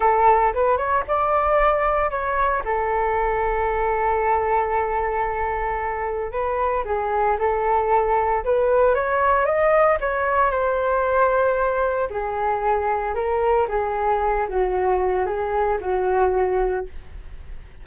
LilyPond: \new Staff \with { instrumentName = "flute" } { \time 4/4 \tempo 4 = 114 a'4 b'8 cis''8 d''2 | cis''4 a'2.~ | a'1 | b'4 gis'4 a'2 |
b'4 cis''4 dis''4 cis''4 | c''2. gis'4~ | gis'4 ais'4 gis'4. fis'8~ | fis'4 gis'4 fis'2 | }